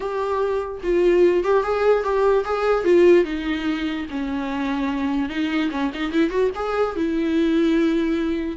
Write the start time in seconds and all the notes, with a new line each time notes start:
0.00 G4
0.83 F4
1.44 G4
1.63 G#4
2.03 G4
2.45 G#4
2.84 F4
3.24 D#4
4.10 C#4
5.29 D#4
5.70 C#4
5.94 D#4
6.12 E4
6.30 F#4
6.55 G#4
6.96 E4